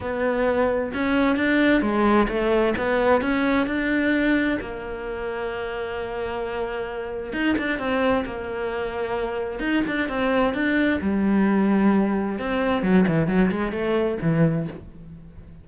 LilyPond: \new Staff \with { instrumentName = "cello" } { \time 4/4 \tempo 4 = 131 b2 cis'4 d'4 | gis4 a4 b4 cis'4 | d'2 ais2~ | ais1 |
dis'8 d'8 c'4 ais2~ | ais4 dis'8 d'8 c'4 d'4 | g2. c'4 | fis8 e8 fis8 gis8 a4 e4 | }